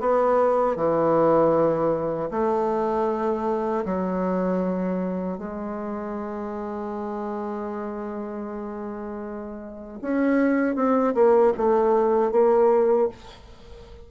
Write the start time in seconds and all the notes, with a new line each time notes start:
0.00 B3
0.76 E3
2.30 A3
3.85 F#3
5.38 G#3
10.01 C#4
10.75 C4
11.14 A#3
11.57 A3
12.31 A#3